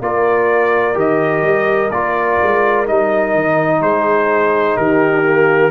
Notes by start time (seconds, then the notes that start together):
0.00 A#3 F4 A#4 D5
0.94 D#3 G4 D#5
1.41 G3
1.90 A#3 F4 D5
2.42 G#3
2.86 G3 D#4 D#5
3.34 D#3
3.81 G#3 G#4 C5
4.77 D#3 G4 A#4
5.23 A#3